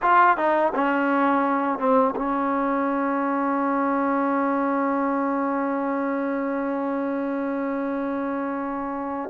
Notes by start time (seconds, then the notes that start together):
0.02 F4
0.37 D#4
0.74 C#4
1.78 C4
2.15 C#4